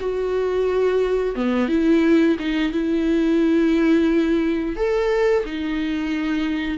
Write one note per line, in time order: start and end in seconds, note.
0.00 1.35 F#4
1.35 1.68 B3
1.68 2.36 E4
2.39 2.72 D#4
2.72 4.76 E4
4.76 5.44 A4
5.45 6.78 D#4